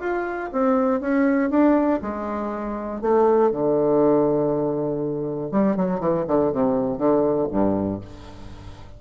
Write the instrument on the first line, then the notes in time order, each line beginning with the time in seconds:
bassoon
0.00 F4
0.52 C4
1.00 C#4
1.50 D4
2.02 G#3
3.01 A3
3.51 D3
5.51 G3
5.76 F#3
6.00 E3
6.27 D3
6.52 C3
6.97 D3
7.51 G2